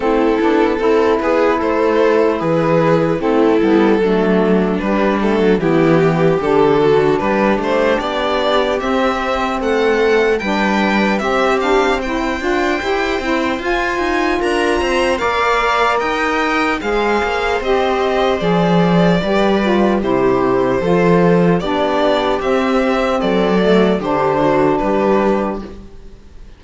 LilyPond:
<<
  \new Staff \with { instrumentName = "violin" } { \time 4/4 \tempo 4 = 75 a'4. b'8 c''4 b'4 | a'2 b'8 a'8 g'4 | a'4 b'8 c''8 d''4 e''4 | fis''4 g''4 e''8 f''8 g''4~ |
g''4 gis''4 ais''4 f''4 | g''4 f''4 dis''4 d''4~ | d''4 c''2 d''4 | e''4 d''4 c''4 b'4 | }
  \new Staff \with { instrumentName = "viola" } { \time 4/4 e'4 a'8 gis'8 a'4 gis'4 | e'4 d'2 e'8 g'8~ | g'8 fis'8 g'2. | a'4 b'4 g'4 c''4~ |
c''2 ais'8 c''8 d''4 | dis''4 c''2. | b'4 g'4 a'4 g'4~ | g'4 a'4 g'8 fis'8 g'4 | }
  \new Staff \with { instrumentName = "saxophone" } { \time 4/4 c'8 d'8 e'2. | c'8 b8 a4 g8 a8 b4 | d'2. c'4~ | c'4 d'4 c'8 d'8 e'8 f'8 |
g'8 e'8 f'2 ais'4~ | ais'4 gis'4 g'4 gis'4 | g'8 f'8 e'4 f'4 d'4 | c'4. a8 d'2 | }
  \new Staff \with { instrumentName = "cello" } { \time 4/4 a8 b8 c'8 b8 a4 e4 | a8 g8 fis4 g8. fis16 e4 | d4 g8 a8 b4 c'4 | a4 g4 c'4. d'8 |
e'8 c'8 f'8 dis'8 d'8 c'8 ais4 | dis'4 gis8 ais8 c'4 f4 | g4 c4 f4 b4 | c'4 fis4 d4 g4 | }
>>